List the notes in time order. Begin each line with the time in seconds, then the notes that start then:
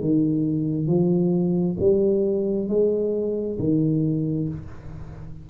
0.00 D#3
0.87 F3
1.79 G3
2.68 G#3
3.59 D#3